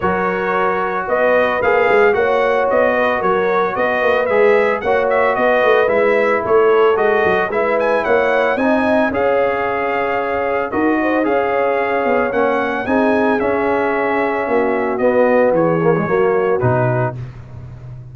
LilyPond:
<<
  \new Staff \with { instrumentName = "trumpet" } { \time 4/4 \tempo 4 = 112 cis''2 dis''4 f''4 | fis''4 dis''4 cis''4 dis''4 | e''4 fis''8 e''8 dis''4 e''4 | cis''4 dis''4 e''8 gis''8 fis''4 |
gis''4 f''2. | dis''4 f''2 fis''4 | gis''4 e''2. | dis''4 cis''2 b'4 | }
  \new Staff \with { instrumentName = "horn" } { \time 4/4 ais'2 b'2 | cis''4. b'8 ais'4 b'4~ | b'4 cis''4 b'2 | a'2 b'4 cis''4 |
dis''4 cis''2. | ais'8 c''8 cis''2. | gis'2. fis'4~ | fis'4 gis'4 fis'2 | }
  \new Staff \with { instrumentName = "trombone" } { \time 4/4 fis'2. gis'4 | fis'1 | gis'4 fis'2 e'4~ | e'4 fis'4 e'2 |
dis'4 gis'2. | fis'4 gis'2 cis'4 | dis'4 cis'2. | b4. ais16 gis16 ais4 dis'4 | }
  \new Staff \with { instrumentName = "tuba" } { \time 4/4 fis2 b4 ais8 gis8 | ais4 b4 fis4 b8 ais8 | gis4 ais4 b8 a8 gis4 | a4 gis8 fis8 gis4 ais4 |
c'4 cis'2. | dis'4 cis'4. b8 ais4 | c'4 cis'2 ais4 | b4 e4 fis4 b,4 | }
>>